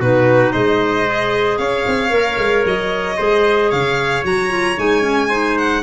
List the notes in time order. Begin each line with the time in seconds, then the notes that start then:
0.00 B2 D#4 F#4 B4
0.53 G#3 C5 D#5
1.06 G#4
1.58 C#4 C#5 F5
1.87 C4
2.10 A#3 A#4
2.38 G#3
2.66 F#3 D#5
3.17 G#3 G#4 C5
3.69 C#3 C#5 F5
4.24 F#3 F#4 A#5
4.50 F4
4.77 G#3 D#4 G#5
5.02 C#4
5.29 D#4 C5
5.58 F#5